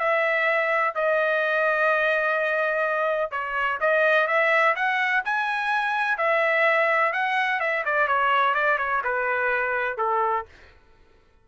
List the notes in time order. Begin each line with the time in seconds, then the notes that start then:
0.00 E5
0.95 D#5
3.32 C#5
3.81 D#5
4.28 E5
4.76 F#5
5.25 G#5
6.18 E5
7.13 F#5
7.61 E5
7.86 D5
8.08 C#5
8.55 D5
8.79 C#5
9.04 B4
9.98 A4